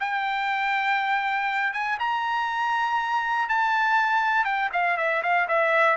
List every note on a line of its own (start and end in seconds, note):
0.00 1.73 G5
1.73 1.98 G#5
1.99 3.49 A#5
3.49 4.45 A5
4.45 4.70 G5
4.73 4.97 F5
4.97 5.22 E5
5.23 5.48 F5
5.48 5.97 E5